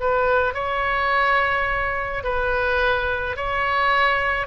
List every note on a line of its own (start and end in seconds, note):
0.00 0.54 B4
0.54 2.24 C#5
2.24 3.37 B4
3.37 4.47 C#5